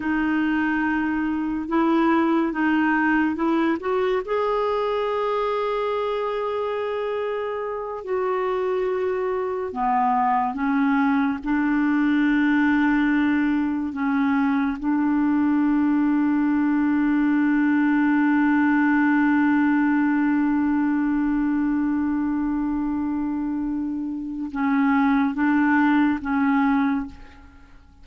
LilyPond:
\new Staff \with { instrumentName = "clarinet" } { \time 4/4 \tempo 4 = 71 dis'2 e'4 dis'4 | e'8 fis'8 gis'2.~ | gis'4. fis'2 b8~ | b8 cis'4 d'2~ d'8~ |
d'8 cis'4 d'2~ d'8~ | d'1~ | d'1~ | d'4 cis'4 d'4 cis'4 | }